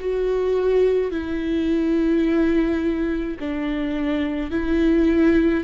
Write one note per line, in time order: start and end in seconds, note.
0.00 1.12 F#4
1.12 3.38 E4
3.40 4.51 D4
4.51 5.64 E4